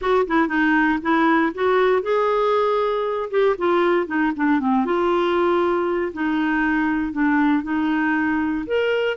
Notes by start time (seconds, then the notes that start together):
0.01 F#4
0.27 E4
0.48 D#4
1.02 E4
1.54 F#4
2.02 G#4
3.30 G4
3.58 F4
4.06 D#4
4.35 D4
4.60 C4
4.85 F4
6.13 D#4
7.12 D4
7.63 D#4
8.66 A#4